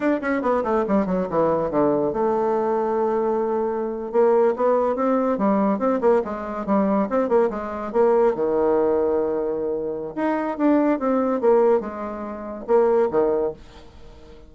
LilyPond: \new Staff \with { instrumentName = "bassoon" } { \time 4/4 \tempo 4 = 142 d'8 cis'8 b8 a8 g8 fis8 e4 | d4 a2.~ | a4.~ a16 ais4 b4 c'16~ | c'8. g4 c'8 ais8 gis4 g16~ |
g8. c'8 ais8 gis4 ais4 dis16~ | dis1 | dis'4 d'4 c'4 ais4 | gis2 ais4 dis4 | }